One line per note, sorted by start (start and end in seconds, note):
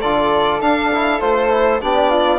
0.00 0.61 D3
0.00 0.60 F4
0.00 1.81 A4
0.00 0.60 D5
0.60 0.90 D4
0.60 1.21 D4
0.60 1.20 F5
0.93 1.20 E4
1.20 1.81 A3
1.20 1.50 F4
1.20 1.80 C5
1.50 1.80 E4
1.80 2.39 B3
1.80 2.39 D4
1.80 2.09 G4
1.80 2.39 D5
2.09 2.39 F4